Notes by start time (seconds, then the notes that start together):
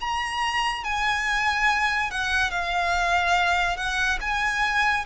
0.00 A#5
0.83 G#5
2.10 F#5
2.50 F5
3.76 F#5
4.21 G#5